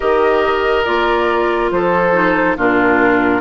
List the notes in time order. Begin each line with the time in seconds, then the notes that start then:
0.00 D#3 G4 A#4 D#5
0.84 A#3 F4 D5
1.71 F3 A4 C5
2.13 D#4
2.57 A#2 D4 F4 A#4